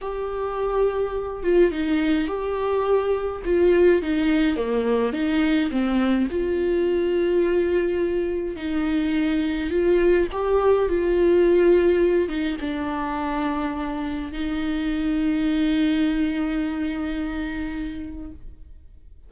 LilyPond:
\new Staff \with { instrumentName = "viola" } { \time 4/4 \tempo 4 = 105 g'2~ g'8 f'8 dis'4 | g'2 f'4 dis'4 | ais4 dis'4 c'4 f'4~ | f'2. dis'4~ |
dis'4 f'4 g'4 f'4~ | f'4. dis'8 d'2~ | d'4 dis'2.~ | dis'1 | }